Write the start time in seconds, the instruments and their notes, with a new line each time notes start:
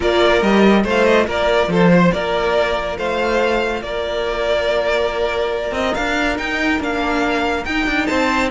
0.00 cello A#3, viola F4, violin A#4 D5
0.42 cello G3, viola G4, violin D#5
0.84 cello A3, viola F4, violin C5 F5
1.04 violin D#5
1.26 cello A#3, violin A#4 D5
1.67 cello F3, violin A4 C5
1.94 violin C5
2.12 cello A#3, violin A#4 D5
2.98 cello A3, violin C5 F5
3.81 cello A#3, violin A#4 D5
5.71 cello C4, violin D#5
5.94 cello D4, violin F5
6.35 viola D#4, cello D#4, violin G5
6.79 cello A#3, viola D4, violin F5
7.64 cello D#4, viola D#4, violin G5
7.86 cello D4
8.06 cello C4, violin C5 A5